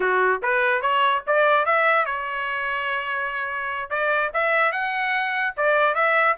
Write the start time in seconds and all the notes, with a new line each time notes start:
0.00 F#4
0.42 B4
0.81 C#5
1.26 D5
1.65 E5
2.05 C#5
3.90 D5
4.33 E5
4.72 F#5
5.57 D5
5.94 E5